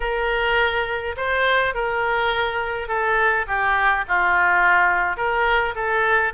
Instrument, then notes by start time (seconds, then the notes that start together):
oboe
0.00 A#4
1.16 C5
1.74 A#4
2.88 A4
3.47 G4
4.08 F4
5.16 A#4
5.75 A4